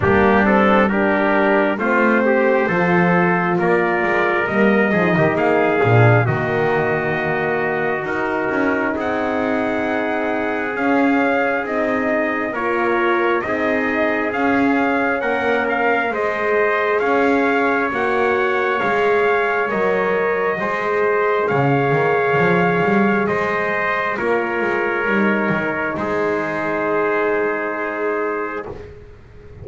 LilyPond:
<<
  \new Staff \with { instrumentName = "trumpet" } { \time 4/4 \tempo 4 = 67 g'8 a'8 ais'4 c''2 | d''4 dis''4 f''4 dis''4~ | dis''4 ais'4 fis''2 | f''4 dis''4 cis''4 dis''4 |
f''4 fis''8 f''8 dis''4 f''4 | fis''4 f''4 dis''2 | f''2 dis''4 cis''4~ | cis''4 c''2. | }
  \new Staff \with { instrumentName = "trumpet" } { \time 4/4 d'4 g'4 f'8 g'8 a'4 | ais'4. gis'16 g'16 gis'4 fis'4~ | fis'2 gis'2~ | gis'2 ais'4 gis'4~ |
gis'4 ais'4 c''4 cis''4~ | cis''2. c''4 | cis''2 c''4 ais'4~ | ais'4 gis'2. | }
  \new Staff \with { instrumentName = "horn" } { \time 4/4 ais8 c'8 d'4 c'4 f'4~ | f'4 ais8 dis'4 d'8 ais4~ | ais4 dis'2. | cis'4 dis'4 f'4 dis'4 |
cis'2 gis'2 | fis'4 gis'4 ais'4 gis'4~ | gis'2. f'4 | dis'1 | }
  \new Staff \with { instrumentName = "double bass" } { \time 4/4 g2 a4 f4 | ais8 gis8 g8 f16 dis16 ais8 ais,8 dis4~ | dis4 dis'8 cis'8 c'2 | cis'4 c'4 ais4 c'4 |
cis'4 ais4 gis4 cis'4 | ais4 gis4 fis4 gis4 | cis8 dis8 f8 g8 gis4 ais8 gis8 | g8 dis8 gis2. | }
>>